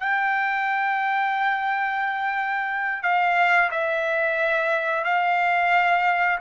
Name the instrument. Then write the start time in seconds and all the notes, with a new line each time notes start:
trumpet
0.00 G5
3.03 F5
3.71 E5
5.05 F5